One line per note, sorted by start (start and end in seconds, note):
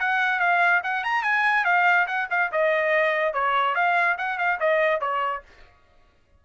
0.00 0.40 F#5
0.40 0.82 F5
0.84 1.04 F#5
1.04 1.23 A#5
1.23 1.65 G#5
1.65 2.07 F5
2.07 2.28 F#5
2.31 2.52 F5
2.52 3.34 D#5
3.34 3.75 C#5
3.75 4.17 F5
4.18 4.38 F#5
4.38 4.59 F5
4.60 5.01 D#5
5.01 5.43 C#5